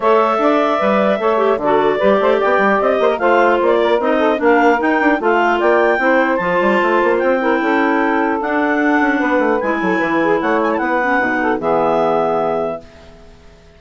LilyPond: <<
  \new Staff \with { instrumentName = "clarinet" } { \time 4/4 \tempo 4 = 150 e''1 | d''2 g''4 dis''4 | f''4 d''4 dis''4 f''4 | g''4 f''4 g''2 |
a''2 g''2~ | g''4 fis''2. | gis''2 fis''8 gis''16 a''16 fis''4~ | fis''4 e''2. | }
  \new Staff \with { instrumentName = "saxophone" } { \time 4/4 cis''4 d''2 cis''4 | a'4 b'8 c''8 d''4. c''16 ais'16 | c''4. ais'4 a'8 ais'4~ | ais'4 a'4 d''4 c''4~ |
c''2~ c''8 ais'8 a'4~ | a'2. b'4~ | b'8 a'8 b'8 gis'8 cis''4 b'4~ | b'8 a'8 gis'2. | }
  \new Staff \with { instrumentName = "clarinet" } { \time 4/4 a'2 b'4 a'8 g'8 | fis'4 g'2. | f'2 dis'4 d'4 | dis'4 f'2 e'4 |
f'2~ f'8 e'4.~ | e'4 d'2. | e'2.~ e'8 cis'8 | dis'4 b2. | }
  \new Staff \with { instrumentName = "bassoon" } { \time 4/4 a4 d'4 g4 a4 | d4 g8 a8 b8 g8 c'8 ais8 | a4 ais4 c'4 ais4 | dis'8 d'8 a4 ais4 c'4 |
f8 g8 a8 ais8 c'4 cis'4~ | cis'4 d'4. cis'8 b8 a8 | gis8 fis8 e4 a4 b4 | b,4 e2. | }
>>